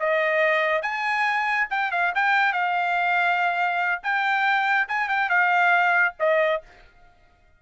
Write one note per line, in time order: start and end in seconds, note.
0.00 0.82 D#5
0.82 1.68 G#5
1.70 1.92 G5
1.92 2.13 F5
2.15 2.53 G5
2.53 4.02 F5
4.03 4.88 G5
4.88 5.09 G#5
5.09 5.30 G5
5.30 6.15 F5
6.20 6.62 D#5